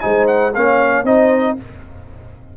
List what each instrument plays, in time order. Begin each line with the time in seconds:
0.00 tuba G#3, trombone D#4, horn C5, trumpet G#5
0.27 trumpet F#5
0.54 tuba A#3, trombone C#4, horn C#5, trumpet F5
1.04 tuba C4, trombone D#4, horn C5, trumpet D#5